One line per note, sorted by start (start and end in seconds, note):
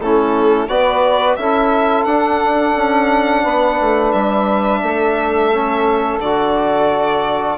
0.00 0.69 A3
0.00 0.69 C#4
0.00 0.69 E4
0.00 0.69 A4
0.69 1.38 B3
0.69 1.38 F#4
0.69 1.38 B4
0.69 1.36 D5
1.36 2.06 C#4
1.36 2.08 E4
1.36 3.43 A4
1.36 2.05 E5
2.05 2.75 D4
2.05 5.53 D4
2.05 4.12 F#5
2.76 3.45 C#4
3.43 3.80 B3
3.43 4.81 B4
3.81 4.14 A3
4.12 4.83 G3
4.12 6.19 E5
4.83 6.19 A3
4.83 7.58 A4
5.54 6.23 C#4
6.19 7.57 D3
6.19 7.58 F#4
6.19 7.58 D5